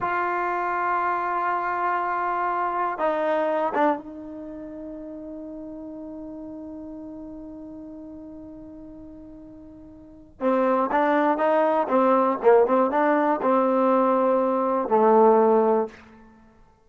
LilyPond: \new Staff \with { instrumentName = "trombone" } { \time 4/4 \tempo 4 = 121 f'1~ | f'2 dis'4. d'8 | dis'1~ | dis'1~ |
dis'1~ | dis'4 c'4 d'4 dis'4 | c'4 ais8 c'8 d'4 c'4~ | c'2 a2 | }